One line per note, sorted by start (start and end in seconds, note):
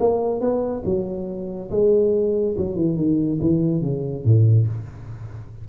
0.00 0.41 A#3
0.41 0.83 B3
0.85 1.70 F#3
1.71 2.56 G#3
2.58 2.76 F#3
2.76 2.97 E3
2.97 3.40 D#3
3.41 3.82 E3
3.82 4.25 C#3
4.25 4.67 A2